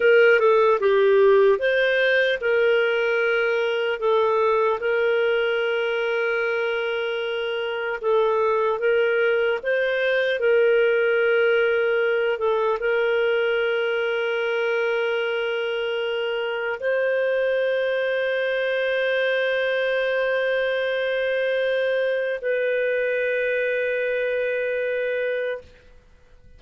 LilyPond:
\new Staff \with { instrumentName = "clarinet" } { \time 4/4 \tempo 4 = 75 ais'8 a'8 g'4 c''4 ais'4~ | ais'4 a'4 ais'2~ | ais'2 a'4 ais'4 | c''4 ais'2~ ais'8 a'8 |
ais'1~ | ais'4 c''2.~ | c''1 | b'1 | }